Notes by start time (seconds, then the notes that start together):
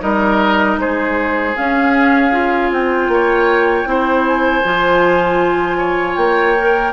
0.00 G3 D#4 A#4 D#5
0.77 G#3 G#4 C5
1.56 C#4 F5
2.32 F4
2.71 C4 G5
3.08 A#3 C#5
3.85 C4 E4 C5
4.26 G#5
4.64 F3 F4
5.78 C#5
6.16 A#3 G5
6.58 A#4